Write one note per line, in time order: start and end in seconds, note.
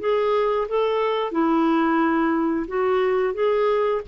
0.00 0.67 G#4
0.68 1.31 A4
1.31 2.66 E4
2.68 3.34 F#4
3.34 4.01 G#4